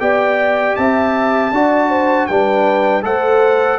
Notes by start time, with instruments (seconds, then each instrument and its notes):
0.00 tuba B3, trombone G4, horn D5, trumpet G5
0.76 tuba C4, horn E5, trumpet A5
1.51 tuba D4, trombone F#4, horn D5
1.90 horn C5
2.27 tuba G3, trombone D4, horn B4, trumpet G5
3.02 tuba A3, trombone A4, horn C5, trumpet F#5